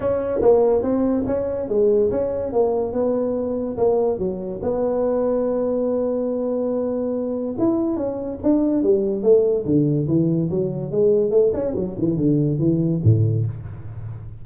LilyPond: \new Staff \with { instrumentName = "tuba" } { \time 4/4 \tempo 4 = 143 cis'4 ais4 c'4 cis'4 | gis4 cis'4 ais4 b4~ | b4 ais4 fis4 b4~ | b1~ |
b2 e'4 cis'4 | d'4 g4 a4 d4 | e4 fis4 gis4 a8 cis'8 | fis8 e8 d4 e4 a,4 | }